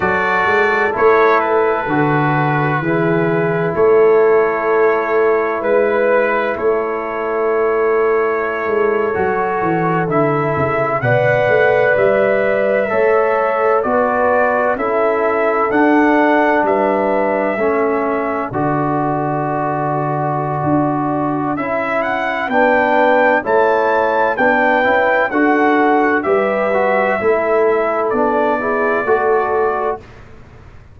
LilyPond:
<<
  \new Staff \with { instrumentName = "trumpet" } { \time 4/4 \tempo 4 = 64 d''4 cis''8 b'2~ b'8 | cis''2 b'4 cis''4~ | cis''2~ cis''8. e''4 fis''16~ | fis''8. e''2 d''4 e''16~ |
e''8. fis''4 e''2 d''16~ | d''2. e''8 fis''8 | g''4 a''4 g''4 fis''4 | e''2 d''2 | }
  \new Staff \with { instrumentName = "horn" } { \time 4/4 a'2. gis'4 | a'2 b'4 a'4~ | a'2.~ a'8. d''16~ | d''4.~ d''16 cis''4 b'4 a'16~ |
a'4.~ a'16 b'4 a'4~ a'16~ | a'1 | b'4 cis''4 b'4 a'4 | b'4 a'4. gis'8 a'4 | }
  \new Staff \with { instrumentName = "trombone" } { \time 4/4 fis'4 e'4 fis'4 e'4~ | e'1~ | e'4.~ e'16 fis'4 e'4 b'16~ | b'4.~ b'16 a'4 fis'4 e'16~ |
e'8. d'2 cis'4 fis'16~ | fis'2. e'4 | d'4 e'4 d'8 e'8 fis'4 | g'8 fis'8 e'4 d'8 e'8 fis'4 | }
  \new Staff \with { instrumentName = "tuba" } { \time 4/4 fis8 gis8 a4 d4 e4 | a2 gis4 a4~ | a4~ a16 gis8 fis8 e8 d8 cis8 b,16~ | b,16 a8 g4 a4 b4 cis'16~ |
cis'8. d'4 g4 a4 d16~ | d2 d'4 cis'4 | b4 a4 b8 cis'8 d'4 | g4 a4 b4 a4 | }
>>